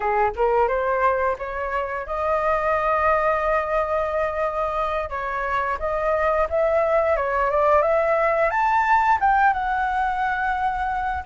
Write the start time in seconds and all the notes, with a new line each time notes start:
0.00 G#4
0.36 A#4
0.68 C5
1.38 C#5
2.06 D#5
5.09 C#5
5.79 D#5
6.49 E5
7.16 C#5
7.50 D5
7.82 E5
8.50 A5
9.20 G5
9.53 F#5